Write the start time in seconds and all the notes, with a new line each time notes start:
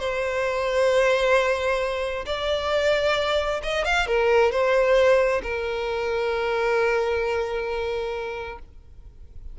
0.00 C5
2.26 D5
3.63 D#5
3.85 F5
4.07 A#4
4.52 C5
5.43 A#4